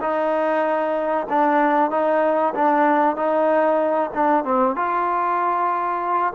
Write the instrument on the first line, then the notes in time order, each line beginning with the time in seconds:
trombone
0.00 D#4
1.29 D4
1.90 D#4
2.54 D4
3.16 D#4
4.13 D4
4.44 C4
4.75 F4